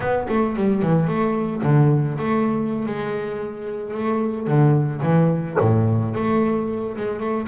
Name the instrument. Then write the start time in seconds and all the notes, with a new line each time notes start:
double bass
0.00 B3
0.29 A3
0.56 G3
0.82 E3
1.07 A3
1.62 D3
2.18 A3
2.86 G#3
3.94 A3
4.47 D3
5.02 E3
5.60 A2
6.14 A3
6.96 G#3
7.20 A3